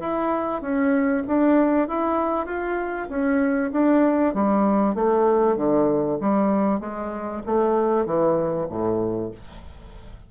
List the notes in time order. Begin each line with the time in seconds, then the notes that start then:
0.00 E4
0.62 C#4
1.27 D4
1.88 E4
2.46 F4
3.09 C#4
3.72 D4
4.34 G3
4.95 A3
5.57 D3
6.20 G3
6.80 G#3
7.46 A3
8.06 E3
8.69 A2